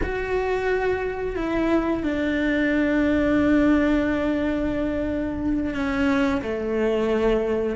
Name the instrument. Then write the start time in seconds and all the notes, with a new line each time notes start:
cello
0.02 F#4
1.35 E4
2.03 D4
5.74 C#4
6.42 A3